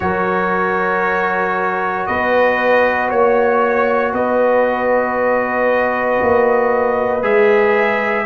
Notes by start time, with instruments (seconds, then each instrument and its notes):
0.00 tuba F#3, trombone F#4, horn A#4, trumpet C#5
2.06 tuba B3, horn B4, trumpet D#5
3.09 tuba A#3, horn C#5, trumpet C#5
4.13 tuba B3, horn B4, trumpet D#5
6.21 tuba A#3
7.22 tuba G#3, trombone G#4, trumpet E5